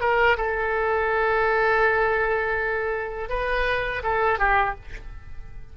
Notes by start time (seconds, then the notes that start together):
0.00 A#4
0.37 A4
3.29 B4
4.03 A4
4.38 G4